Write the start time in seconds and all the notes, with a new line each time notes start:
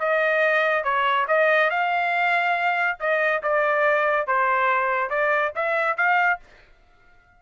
0.00 D#5
0.84 C#5
1.28 D#5
1.70 F5
3.00 D#5
3.43 D5
4.27 C5
5.10 D5
5.56 E5
5.97 F5